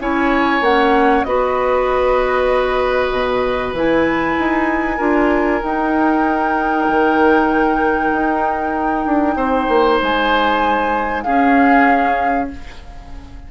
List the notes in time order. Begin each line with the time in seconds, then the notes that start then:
0.00 C#4 E4 C#5 G#5
0.61 A#3 C#4 F#5
1.24 B3 F#4 B4 D#5
3.12 B2
3.73 E3 E4 G#5
4.39 D#4
4.97 D4 F4 A#4
5.63 D#4 G5
6.89 D#3
8.13 D#4
9.06 D4
9.36 C4 C5
9.69 A#3
10.02 G#3 G#5
11.23 C#4 G#4 F5